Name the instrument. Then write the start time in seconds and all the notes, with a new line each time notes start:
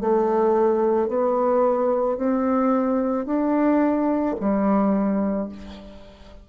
bassoon
0.00 A3
1.08 B3
2.17 C4
3.25 D4
4.39 G3